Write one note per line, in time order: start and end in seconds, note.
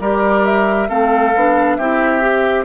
0.00 0.88 G3
0.00 0.89 G4
0.00 0.89 A#4
0.00 0.45 D5
0.45 0.89 E5
0.89 1.34 A3
0.89 1.33 C4
0.89 1.77 A4
0.89 1.76 F5
1.35 1.78 B3
1.35 1.80 D4
1.76 2.65 C4
1.76 2.21 E4
1.76 2.65 G4
1.76 2.64 E5
2.21 2.65 G4